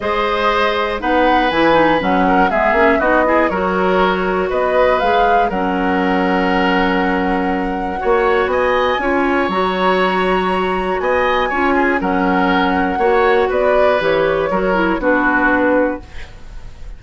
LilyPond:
<<
  \new Staff \with { instrumentName = "flute" } { \time 4/4 \tempo 4 = 120 dis''2 fis''4 gis''4 | fis''4 e''4 dis''4 cis''4~ | cis''4 dis''4 f''4 fis''4~ | fis''1~ |
fis''4 gis''2 ais''4~ | ais''2 gis''2 | fis''2. d''4 | cis''2 b'2 | }
  \new Staff \with { instrumentName = "oboe" } { \time 4/4 c''2 b'2~ | b'8 ais'8 gis'4 fis'8 gis'8 ais'4~ | ais'4 b'2 ais'4~ | ais'1 |
cis''4 dis''4 cis''2~ | cis''2 dis''4 cis''8 gis'8 | ais'2 cis''4 b'4~ | b'4 ais'4 fis'2 | }
  \new Staff \with { instrumentName = "clarinet" } { \time 4/4 gis'2 dis'4 e'8 dis'8 | cis'4 b8 cis'8 dis'8 e'8 fis'4~ | fis'2 gis'4 cis'4~ | cis'1 |
fis'2 f'4 fis'4~ | fis'2. f'4 | cis'2 fis'2 | g'4 fis'8 e'8 d'2 | }
  \new Staff \with { instrumentName = "bassoon" } { \time 4/4 gis2 b4 e4 | fis4 gis8 ais8 b4 fis4~ | fis4 b4 gis4 fis4~ | fis1 |
ais4 b4 cis'4 fis4~ | fis2 b4 cis'4 | fis2 ais4 b4 | e4 fis4 b2 | }
>>